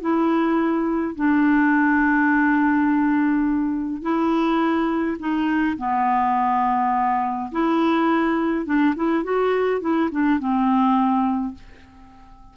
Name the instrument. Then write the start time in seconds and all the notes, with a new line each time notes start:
clarinet
0.00 E4
1.15 D4
4.01 E4
5.19 D#4
5.77 B3
7.51 E4
8.65 D4
8.95 E4
9.23 F#4
9.80 E4
10.11 D4
10.39 C4